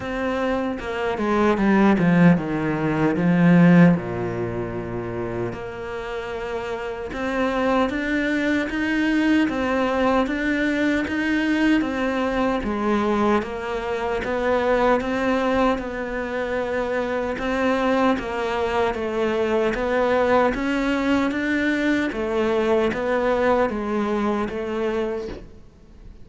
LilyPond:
\new Staff \with { instrumentName = "cello" } { \time 4/4 \tempo 4 = 76 c'4 ais8 gis8 g8 f8 dis4 | f4 ais,2 ais4~ | ais4 c'4 d'4 dis'4 | c'4 d'4 dis'4 c'4 |
gis4 ais4 b4 c'4 | b2 c'4 ais4 | a4 b4 cis'4 d'4 | a4 b4 gis4 a4 | }